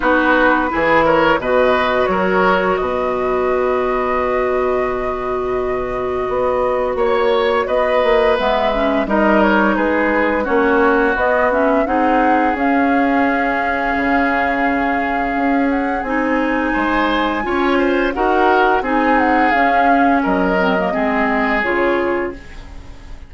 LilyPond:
<<
  \new Staff \with { instrumentName = "flute" } { \time 4/4 \tempo 4 = 86 b'4. cis''8 dis''4 cis''4 | dis''1~ | dis''2 cis''4 dis''4 | e''4 dis''8 cis''8 b'4 cis''4 |
dis''8 e''8 fis''4 f''2~ | f''2~ f''8 fis''8 gis''4~ | gis''2 fis''4 gis''8 fis''8 | f''4 dis''2 cis''4 | }
  \new Staff \with { instrumentName = "oboe" } { \time 4/4 fis'4 gis'8 ais'8 b'4 ais'4 | b'1~ | b'2 cis''4 b'4~ | b'4 ais'4 gis'4 fis'4~ |
fis'4 gis'2.~ | gis'1 | c''4 cis''8 c''8 ais'4 gis'4~ | gis'4 ais'4 gis'2 | }
  \new Staff \with { instrumentName = "clarinet" } { \time 4/4 dis'4 e'4 fis'2~ | fis'1~ | fis'1 | b8 cis'8 dis'2 cis'4 |
b8 cis'8 dis'4 cis'2~ | cis'2. dis'4~ | dis'4 f'4 fis'4 dis'4 | cis'4. c'16 ais16 c'4 f'4 | }
  \new Staff \with { instrumentName = "bassoon" } { \time 4/4 b4 e4 b,4 fis4 | b,1~ | b,4 b4 ais4 b8 ais8 | gis4 g4 gis4 ais4 |
b4 c'4 cis'2 | cis2 cis'4 c'4 | gis4 cis'4 dis'4 c'4 | cis'4 fis4 gis4 cis4 | }
>>